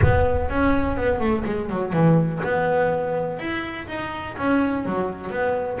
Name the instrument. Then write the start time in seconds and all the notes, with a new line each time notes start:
double bass
0.02 B3
0.49 C#4
0.96 B3
1.19 A3
1.45 G#3
1.69 F#3
1.92 E3
2.43 B3
3.39 E4
3.87 D#4
4.37 C#4
4.85 F#3
5.30 B3